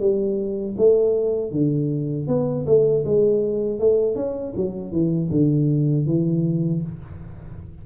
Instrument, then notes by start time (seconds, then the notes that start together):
tuba
0.00 G3
0.78 A3
1.52 D3
2.28 B3
2.67 A3
3.06 G#3
3.80 A3
4.16 C#4
4.56 F#3
4.92 E3
5.31 D3
6.07 E3